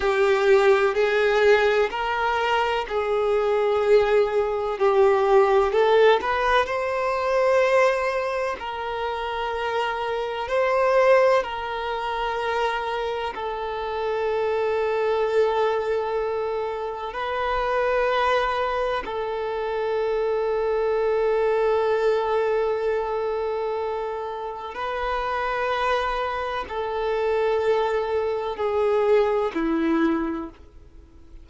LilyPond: \new Staff \with { instrumentName = "violin" } { \time 4/4 \tempo 4 = 63 g'4 gis'4 ais'4 gis'4~ | gis'4 g'4 a'8 b'8 c''4~ | c''4 ais'2 c''4 | ais'2 a'2~ |
a'2 b'2 | a'1~ | a'2 b'2 | a'2 gis'4 e'4 | }